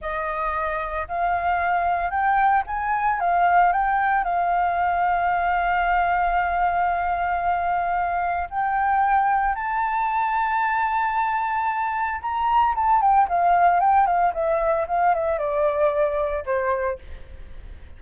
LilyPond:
\new Staff \with { instrumentName = "flute" } { \time 4/4 \tempo 4 = 113 dis''2 f''2 | g''4 gis''4 f''4 g''4 | f''1~ | f''1 |
g''2 a''2~ | a''2. ais''4 | a''8 g''8 f''4 g''8 f''8 e''4 | f''8 e''8 d''2 c''4 | }